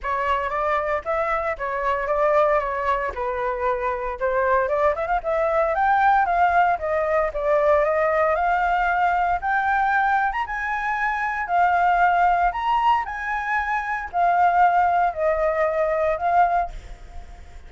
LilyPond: \new Staff \with { instrumentName = "flute" } { \time 4/4 \tempo 4 = 115 cis''4 d''4 e''4 cis''4 | d''4 cis''4 b'2 | c''4 d''8 e''16 f''16 e''4 g''4 | f''4 dis''4 d''4 dis''4 |
f''2 g''4.~ g''16 ais''16 | gis''2 f''2 | ais''4 gis''2 f''4~ | f''4 dis''2 f''4 | }